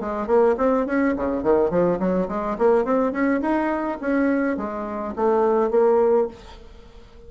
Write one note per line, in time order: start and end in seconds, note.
0.00 0.26 G#3
0.26 0.55 A#3
0.57 0.86 C4
0.86 1.15 C#4
1.16 1.43 C#3
1.43 1.70 D#3
1.70 1.98 F3
1.99 2.28 F#3
2.28 2.56 G#3
2.58 2.84 A#3
2.84 3.12 C4
3.12 3.40 C#4
3.41 3.98 D#4
4.00 4.56 C#4
4.56 5.14 G#3
5.15 5.70 A3
5.70 6.27 A#3